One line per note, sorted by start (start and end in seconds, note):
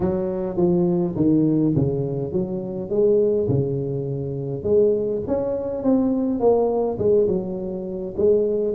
0.00 0.56 F#3
0.56 1.15 F3
1.16 1.74 D#3
1.75 2.32 C#3
2.32 2.89 F#3
2.89 3.48 G#3
3.48 4.63 C#3
4.63 5.21 G#3
5.27 5.83 C#4
5.83 6.39 C4
6.39 6.98 A#3
6.98 7.27 G#3
7.27 8.14 F#3
8.16 8.75 G#3